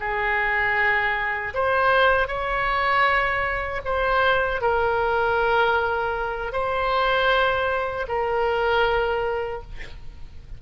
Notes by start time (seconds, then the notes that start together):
0.00 G#4
1.54 C5
2.28 C#5
3.85 C5
4.61 A#4
6.53 C5
8.08 A#4